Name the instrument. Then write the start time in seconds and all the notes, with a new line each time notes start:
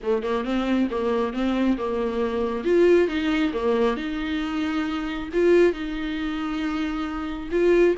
viola
0.02 A3
0.22 A#3
0.44 C4
0.90 A#3
1.33 C4
1.77 A#3
2.64 F4
3.08 D#4
3.53 A#3
3.96 D#4
5.33 F4
5.72 D#4
7.51 F4